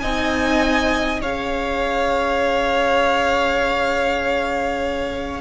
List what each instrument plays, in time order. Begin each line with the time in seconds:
0.00 cello C4, viola D#4, violin D#5 G#5
1.21 cello C#4, viola G#4, violin C#5 F5